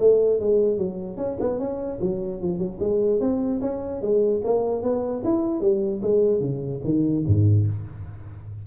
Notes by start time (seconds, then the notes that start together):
0.00 A3
0.40 G#3
0.78 F#3
1.18 C#4
1.40 B3
1.59 C#4
2.01 F#3
2.41 F3
2.59 F#3
2.80 G#3
3.21 C4
3.61 C#4
4.02 G#3
4.45 A#3
4.83 B3
5.25 E4
5.61 G3
6.03 G#3
6.41 C#3
6.85 D#3
7.27 G#2